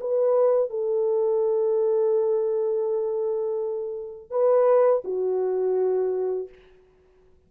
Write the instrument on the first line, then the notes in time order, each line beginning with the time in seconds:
horn
0.00 B4
0.70 A4
4.30 B4
5.04 F#4